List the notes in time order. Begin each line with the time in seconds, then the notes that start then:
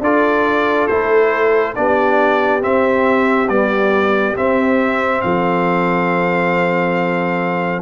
0.00 D4 F4 A4 D5
0.87 A3 E4 C5
1.76 B3 D4 G4 D5
2.61 C4 E5
3.49 G3 B3 D5
4.36 C4 E5
5.22 F3 A4 F5